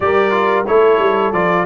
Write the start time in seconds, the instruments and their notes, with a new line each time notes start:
0.00 tuba G3, trombone G4, horn A#4, trumpet D5
0.31 trombone F4
0.66 tuba A3, trombone E4, horn A4, trumpet C#5
0.98 tuba G3
1.32 tuba F3, trombone F4, trumpet D5